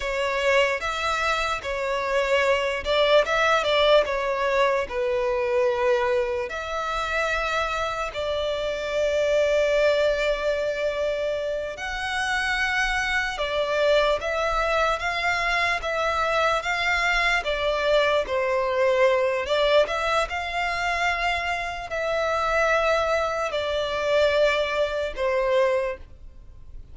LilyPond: \new Staff \with { instrumentName = "violin" } { \time 4/4 \tempo 4 = 74 cis''4 e''4 cis''4. d''8 | e''8 d''8 cis''4 b'2 | e''2 d''2~ | d''2~ d''8 fis''4.~ |
fis''8 d''4 e''4 f''4 e''8~ | e''8 f''4 d''4 c''4. | d''8 e''8 f''2 e''4~ | e''4 d''2 c''4 | }